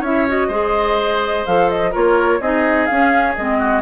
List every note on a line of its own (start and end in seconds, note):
0.00 0.48 C#4
0.00 0.27 E4
0.00 0.48 C#5
0.00 0.28 E5
0.27 0.51 F#4
0.27 1.46 D#5
0.48 1.44 G#3
0.48 1.47 G#4
0.48 1.91 C5
1.46 1.94 F3
1.46 1.92 A4
1.46 1.69 F5
1.69 1.93 D#5
1.91 2.40 A#3
1.91 2.39 F4
1.91 2.39 A#4
1.91 2.41 C#5
2.40 2.87 C4
2.40 2.89 D#4
2.40 3.58 G#4
2.40 2.86 D#5
2.86 3.37 C#4
2.86 3.34 F5
3.35 3.82 G#3
3.35 3.82 C4
3.35 3.82 D#5
3.58 3.82 F#4